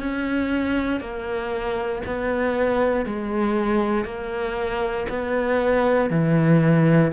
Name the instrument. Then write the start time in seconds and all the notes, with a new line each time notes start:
cello
0.00 C#4
1.00 A#3
2.06 B3
3.05 G#3
4.04 A#3
5.09 B3
6.10 E3